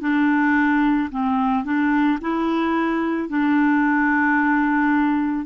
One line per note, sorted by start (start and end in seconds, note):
0.00 1.09 D4
1.11 1.64 C4
1.64 2.19 D4
2.21 3.28 E4
3.28 5.46 D4